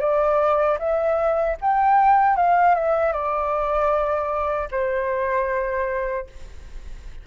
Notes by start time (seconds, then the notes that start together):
0.00 D5
0.79 E5
1.61 G5
2.36 F5
2.74 E5
3.12 D5
4.71 C5